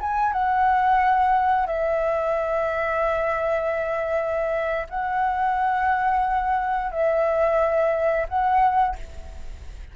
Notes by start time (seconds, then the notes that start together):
0.00 G#5
0.32 F#5
1.66 E5
4.89 F#5
6.91 E5
8.28 F#5